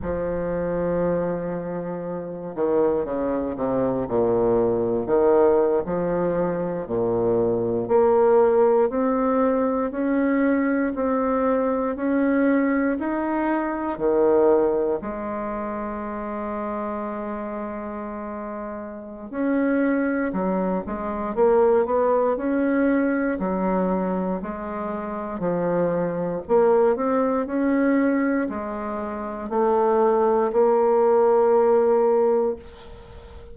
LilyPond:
\new Staff \with { instrumentName = "bassoon" } { \time 4/4 \tempo 4 = 59 f2~ f8 dis8 cis8 c8 | ais,4 dis8. f4 ais,4 ais16~ | ais8. c'4 cis'4 c'4 cis'16~ | cis'8. dis'4 dis4 gis4~ gis16~ |
gis2. cis'4 | fis8 gis8 ais8 b8 cis'4 fis4 | gis4 f4 ais8 c'8 cis'4 | gis4 a4 ais2 | }